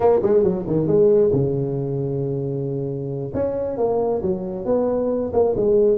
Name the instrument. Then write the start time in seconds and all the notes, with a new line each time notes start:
tuba
0.00 A#3
0.22 G#3
0.43 F#3
0.66 D#3
0.87 G#3
1.32 C#3
3.34 C#4
3.77 A#3
4.22 F#3
4.65 B3
5.33 A#3
5.56 G#3